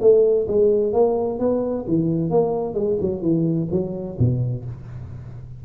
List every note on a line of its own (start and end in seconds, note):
0.00 0.46 A3
0.47 0.93 G#3
0.93 1.39 A#3
1.39 1.85 B3
1.87 2.30 E3
2.30 2.74 A#3
2.74 2.97 G#3
3.00 3.21 F#3
3.21 3.68 E3
3.71 4.17 F#3
4.18 4.64 B2